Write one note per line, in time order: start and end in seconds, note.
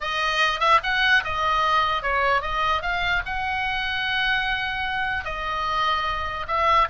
0.01 0.60 D#5
0.60 0.80 E5
0.83 1.23 F#5
1.24 2.02 D#5
2.02 2.41 C#5
2.41 2.82 D#5
2.82 3.22 F5
3.25 5.25 F#5
5.25 6.46 D#5
6.47 6.88 E5